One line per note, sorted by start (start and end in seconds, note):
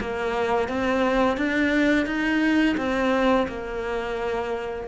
0.00 0.68 A#3
0.68 1.37 C4
1.37 2.05 D4
2.05 2.75 D#4
2.77 3.47 C4
3.48 4.87 A#3